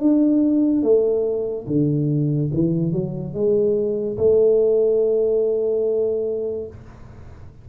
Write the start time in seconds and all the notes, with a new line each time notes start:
0.00 D4
0.83 A3
1.68 D3
2.54 E3
2.93 F#3
3.34 G#3
4.18 A3